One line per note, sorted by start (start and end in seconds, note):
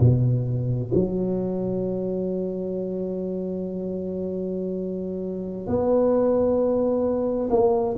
0.00 0.91 B2
0.94 5.67 F#3
5.67 7.49 B3
7.50 7.96 A#3